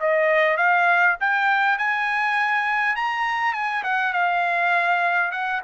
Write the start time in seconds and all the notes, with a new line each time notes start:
0.00 D#5
0.57 F5
1.20 G5
1.78 G#5
2.96 A#5
3.53 G#5
3.83 F#5
4.13 F5
5.31 F#5